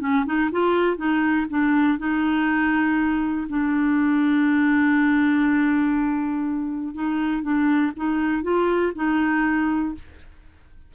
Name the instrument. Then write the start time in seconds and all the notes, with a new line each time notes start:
clarinet
0.00 C#4
0.25 D#4
0.52 F4
0.97 D#4
1.50 D4
1.99 D#4
3.49 D4
6.94 D#4
7.43 D4
7.97 D#4
8.43 F4
8.95 D#4